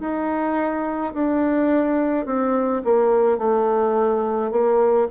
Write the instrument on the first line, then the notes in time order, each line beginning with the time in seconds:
bassoon
0.00 D#4
1.14 D4
2.25 C4
2.84 A#3
3.38 A3
4.51 A#3